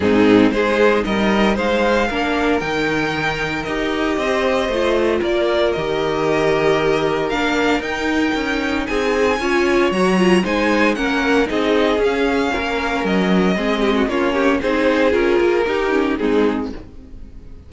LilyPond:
<<
  \new Staff \with { instrumentName = "violin" } { \time 4/4 \tempo 4 = 115 gis'4 c''4 dis''4 f''4~ | f''4 g''2 dis''4~ | dis''2 d''4 dis''4~ | dis''2 f''4 g''4~ |
g''4 gis''2 ais''4 | gis''4 fis''4 dis''4 f''4~ | f''4 dis''2 cis''4 | c''4 ais'2 gis'4 | }
  \new Staff \with { instrumentName = "violin" } { \time 4/4 dis'4 gis'4 ais'4 c''4 | ais'1 | c''2 ais'2~ | ais'1~ |
ais'4 gis'4 cis''2 | c''4 ais'4 gis'2 | ais'2 gis'8 g'16 fis'16 f'8 g'8 | gis'2 g'4 dis'4 | }
  \new Staff \with { instrumentName = "viola" } { \time 4/4 c'4 dis'2. | d'4 dis'2 g'4~ | g'4 f'2 g'4~ | g'2 d'4 dis'4~ |
dis'2 f'4 fis'8 f'8 | dis'4 cis'4 dis'4 cis'4~ | cis'2 c'4 cis'4 | dis'4 f'4 dis'8 cis'8 c'4 | }
  \new Staff \with { instrumentName = "cello" } { \time 4/4 gis,4 gis4 g4 gis4 | ais4 dis2 dis'4 | c'4 a4 ais4 dis4~ | dis2 ais4 dis'4 |
cis'4 c'4 cis'4 fis4 | gis4 ais4 c'4 cis'4 | ais4 fis4 gis4 ais4 | c'4 cis'8 ais8 dis'4 gis4 | }
>>